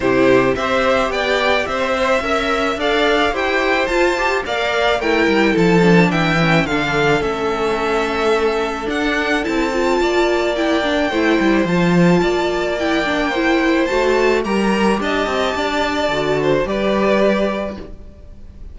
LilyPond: <<
  \new Staff \with { instrumentName = "violin" } { \time 4/4 \tempo 4 = 108 c''4 e''4 g''4 e''4~ | e''4 f''4 g''4 a''4 | f''4 g''4 a''4 g''4 | f''4 e''2. |
fis''4 a''2 g''4~ | g''4 a''2 g''4~ | g''4 a''4 ais''4 a''4~ | a''2 d''2 | }
  \new Staff \with { instrumentName = "violin" } { \time 4/4 g'4 c''4 d''4 c''4 | e''4 d''4 c''2 | d''4 ais'4 a'4 e''4 | a'1~ |
a'2 d''2 | c''2 d''2 | c''2 ais'4 dis''4 | d''4. c''8 b'2 | }
  \new Staff \with { instrumentName = "viola" } { \time 4/4 e'4 g'2~ g'8 c''8 | ais'4 a'4 g'4 f'8 g'8 | ais'4 e'4. d'4 cis'8 | d'4 cis'2. |
d'4 e'8 f'4. e'8 d'8 | e'4 f'2 e'8 d'8 | e'4 fis'4 g'2~ | g'4 fis'4 g'2 | }
  \new Staff \with { instrumentName = "cello" } { \time 4/4 c4 c'4 b4 c'4 | cis'4 d'4 e'4 f'4 | ais4 a8 g8 f4 e4 | d4 a2. |
d'4 c'4 ais2 | a8 g8 f4 ais2~ | ais4 a4 g4 d'8 c'8 | d'4 d4 g2 | }
>>